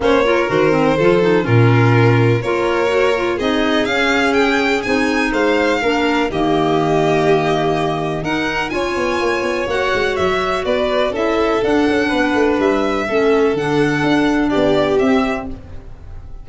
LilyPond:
<<
  \new Staff \with { instrumentName = "violin" } { \time 4/4 \tempo 4 = 124 cis''4 c''2 ais'4~ | ais'4 cis''2 dis''4 | f''4 g''4 gis''4 f''4~ | f''4 dis''2.~ |
dis''4 fis''4 gis''2 | fis''4 e''4 d''4 e''4 | fis''2 e''2 | fis''2 d''4 e''4 | }
  \new Staff \with { instrumentName = "violin" } { \time 4/4 c''8 ais'4. a'4 f'4~ | f'4 ais'2 gis'4~ | gis'2. c''4 | ais'4 g'2.~ |
g'4 ais'4 cis''2~ | cis''2 b'4 a'4~ | a'4 b'2 a'4~ | a'2 g'2 | }
  \new Staff \with { instrumentName = "clarinet" } { \time 4/4 cis'8 f'8 fis'8 c'8 f'8 dis'8 cis'4~ | cis'4 f'4 fis'8 f'8 dis'4 | cis'2 dis'2 | d'4 ais2.~ |
ais4 dis'4 f'2 | fis'2. e'4 | d'2. cis'4 | d'2. c'4 | }
  \new Staff \with { instrumentName = "tuba" } { \time 4/4 ais4 dis4 f4 ais,4~ | ais,4 ais2 c'4 | cis'2 c'4 gis4 | ais4 dis2.~ |
dis4 dis'4 cis'8 b8 ais8 b8 | ais8 gis8 fis4 b4 cis'4 | d'8 cis'8 b8 a8 g4 a4 | d4 d'4 b4 c'4 | }
>>